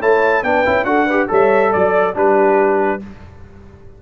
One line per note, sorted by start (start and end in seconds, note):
0.00 0.43 A3
0.00 0.43 E4
0.00 0.43 C#5
0.00 0.43 A5
0.43 0.64 B3
0.43 0.65 D4
0.43 0.87 B4
0.43 0.85 G5
0.65 0.84 C#4
0.65 0.85 E4
0.84 1.27 D4
0.84 1.07 F#4
0.84 1.06 A4
0.84 1.27 F#5
1.06 1.28 G4
1.06 1.28 B4
1.28 1.74 G3
1.28 2.14 A4
1.28 1.71 C#5
1.28 1.73 E5
1.71 2.16 F#3
1.71 2.14 D5
1.71 2.15 D5
2.15 3.01 G3
2.15 3.00 D4
2.15 3.00 G4
2.15 3.02 B4